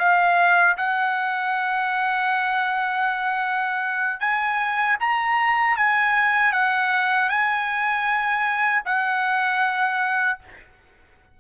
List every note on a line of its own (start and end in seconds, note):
0.00 0.77 F5
0.78 4.21 F#5
4.21 4.98 G#5
5.00 5.77 A#5
5.77 6.53 G#5
6.53 7.30 F#5
7.30 8.84 G#5
8.86 10.40 F#5